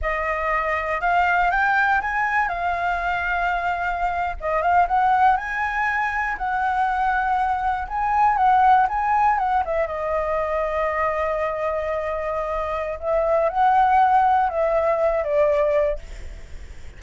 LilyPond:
\new Staff \with { instrumentName = "flute" } { \time 4/4 \tempo 4 = 120 dis''2 f''4 g''4 | gis''4 f''2.~ | f''8. dis''8 f''8 fis''4 gis''4~ gis''16~ | gis''8. fis''2. gis''16~ |
gis''8. fis''4 gis''4 fis''8 e''8 dis''16~ | dis''1~ | dis''2 e''4 fis''4~ | fis''4 e''4. d''4. | }